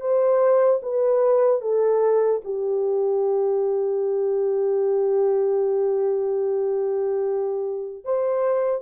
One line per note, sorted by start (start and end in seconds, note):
0.00 0.80 C5
0.82 1.61 B4
1.61 2.41 A4
2.44 8.04 G4
8.04 8.81 C5